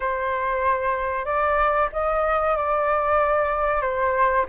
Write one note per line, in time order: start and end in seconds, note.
0.00 1.25 C5
1.25 1.89 D5
1.92 2.56 D#5
2.56 3.81 D5
3.81 4.45 C5